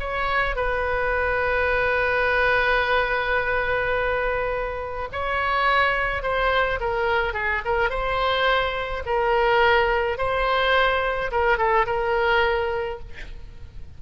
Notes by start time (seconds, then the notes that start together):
0.00 C#5
0.56 B4
5.13 C#5
6.23 C5
6.81 A#4
7.34 G#4
7.65 A#4
7.90 C5
9.06 A#4
10.18 C5
11.32 A#4
11.58 A4
11.86 A#4